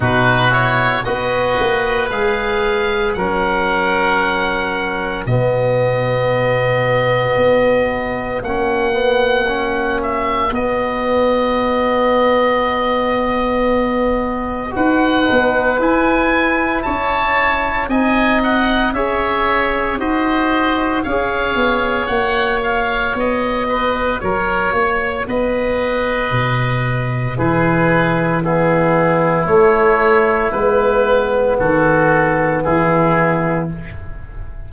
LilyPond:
<<
  \new Staff \with { instrumentName = "oboe" } { \time 4/4 \tempo 4 = 57 b'8 cis''8 dis''4 f''4 fis''4~ | fis''4 dis''2. | fis''4. e''8 dis''2~ | dis''2 fis''4 gis''4 |
a''4 gis''8 fis''8 e''4 dis''4 | f''4 fis''8 f''8 dis''4 cis''4 | dis''2 b'4 gis'4 | cis''4 b'4 a'4 gis'4 | }
  \new Staff \with { instrumentName = "oboe" } { \time 4/4 fis'4 b'2 ais'4~ | ais'4 fis'2.~ | fis'1~ | fis'2 b'2 |
cis''4 dis''4 cis''4 c''4 | cis''2~ cis''8 b'8 ais'8 cis''8 | b'2 gis'4 e'4~ | e'2 fis'4 e'4 | }
  \new Staff \with { instrumentName = "trombone" } { \time 4/4 dis'8 e'8 fis'4 gis'4 cis'4~ | cis'4 b2. | cis'8 b8 cis'4 b2~ | b2 fis'8 dis'8 e'4~ |
e'4 dis'4 gis'4 fis'4 | gis'4 fis'2.~ | fis'2 e'4 b4 | a4 b2. | }
  \new Staff \with { instrumentName = "tuba" } { \time 4/4 b,4 b8 ais8 gis4 fis4~ | fis4 b,2 b4 | ais2 b2~ | b2 dis'8 b8 e'4 |
cis'4 c'4 cis'4 dis'4 | cis'8 b8 ais4 b4 fis8 ais8 | b4 b,4 e2 | a4 gis4 dis4 e4 | }
>>